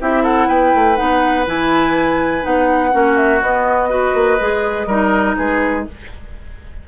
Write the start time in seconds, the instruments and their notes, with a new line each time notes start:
0.00 bassoon C4, clarinet E4, oboe G4, flute E5
0.23 oboe A4, flute F#5
0.47 bassoon B3, oboe B4, flute G5
0.74 bassoon A3
0.95 bassoon B3, clarinet D#4, flute F#5
1.46 bassoon E3, clarinet E4, flute G#5
2.42 bassoon B3, clarinet D#4, flute F#5
2.91 bassoon A#3, clarinet C#4, oboe F#4
3.17 flute E5
3.41 bassoon B3, clarinet B3, flute D#5
3.89 clarinet F#4, oboe B4
4.14 bassoon A#3
4.39 bassoon G#3, clarinet G#4
4.86 bassoon G3, clarinet D#4, oboe A#4
5.36 bassoon G#3, oboe G#4, flute B4